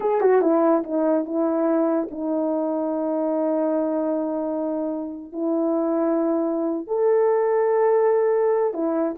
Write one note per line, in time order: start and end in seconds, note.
0.00 0.20 G#4
0.20 0.41 F#4
0.41 0.83 E4
0.83 1.25 D#4
1.25 2.08 E4
2.10 5.32 D#4
5.32 6.87 E4
6.87 8.73 A4
8.73 9.15 E4